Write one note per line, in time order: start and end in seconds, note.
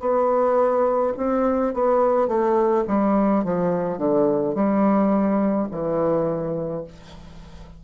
0.00 1.13 B3
1.17 1.74 C4
1.74 2.28 B3
2.28 2.85 A3
2.88 3.44 G3
3.44 3.98 F3
3.98 4.55 D3
4.55 5.68 G3
5.71 6.84 E3